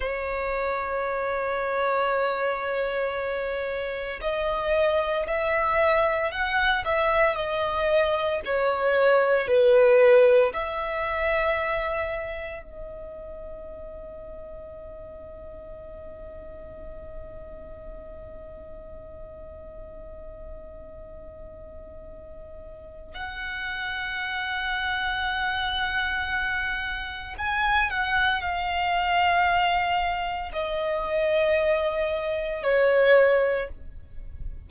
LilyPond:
\new Staff \with { instrumentName = "violin" } { \time 4/4 \tempo 4 = 57 cis''1 | dis''4 e''4 fis''8 e''8 dis''4 | cis''4 b'4 e''2 | dis''1~ |
dis''1~ | dis''2 fis''2~ | fis''2 gis''8 fis''8 f''4~ | f''4 dis''2 cis''4 | }